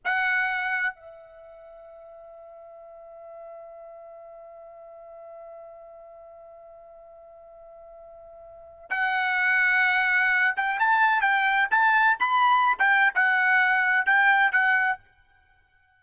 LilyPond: \new Staff \with { instrumentName = "trumpet" } { \time 4/4 \tempo 4 = 128 fis''2 e''2~ | e''1~ | e''1~ | e''1~ |
e''2. fis''4~ | fis''2~ fis''8 g''8 a''4 | g''4 a''4 b''4~ b''16 g''8. | fis''2 g''4 fis''4 | }